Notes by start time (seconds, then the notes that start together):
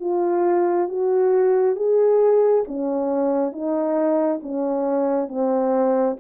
0.00 F4
0.88 F#4
1.76 G#4
2.68 C#4
3.52 D#4
4.42 C#4
5.28 C4